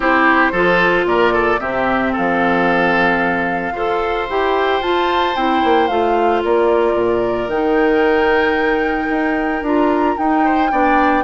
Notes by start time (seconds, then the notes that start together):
0.00 C4 E4 G4 C5
0.52 F3 F4 A4
1.05 A#2 A#4 D5
1.33 A4
1.59 C3 C4 G4 E5
2.12 F3 A4 F5
3.71 F4 A4 C5
4.29 E4 G4 G5
4.80 F4 A5
5.35 C4 E4 G5
5.64 A#3
5.87 A3 F4 F5
6.44 A#3 A#4 D5
6.94 A#2
7.47 D#3 D#4 G5
9.09 D#4
9.62 D4 F4 A#5
10.17 D#4 G5
10.44 C5
10.71 B3 D4 D5